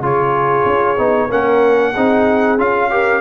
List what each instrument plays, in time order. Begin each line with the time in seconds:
0.00 tuba C#3, trombone F4, horn G#4, trumpet C#5
0.65 tuba C#4
0.97 tuba B3, trombone D#4
1.28 tuba A#3, trombone C#4, horn A#4, trumpet F#5
1.92 tuba C4, trombone D#4, horn G#4
2.58 tuba C#4, trombone F4, trumpet F5
2.90 trombone G4, horn A#4